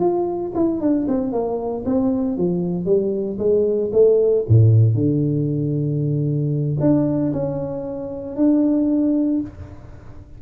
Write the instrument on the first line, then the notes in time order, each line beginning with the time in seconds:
tuba
0.00 F4
0.55 E4
0.81 D4
1.08 C4
1.32 A#3
1.86 C4
2.38 F3
2.86 G3
3.39 G#3
3.93 A3
4.48 A2
4.94 D3
6.80 D4
7.33 C#4
8.36 D4